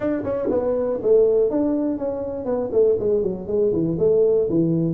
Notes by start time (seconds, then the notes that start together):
0.00 D4
0.23 C#4
0.50 B3
1.02 A3
1.50 D4
1.98 C#4
2.45 B3
2.71 A3
2.99 G#3
3.22 F#3
3.47 G#3
3.72 E3
3.98 A3
4.49 E3